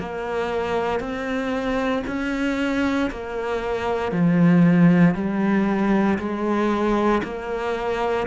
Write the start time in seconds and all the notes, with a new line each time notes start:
0.00 A#3
1.00 C4
2.07 C#4
3.11 A#3
4.12 F3
5.15 G3
6.19 G#3
7.24 A#3